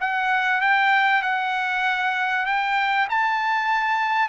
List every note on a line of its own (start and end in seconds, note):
0.00 0.61 F#5
0.61 1.22 G5
1.22 2.46 F#5
2.46 3.08 G5
3.09 4.28 A5